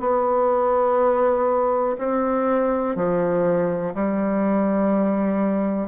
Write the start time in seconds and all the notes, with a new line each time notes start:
0.00 B3
1.98 C4
2.96 F3
3.94 G3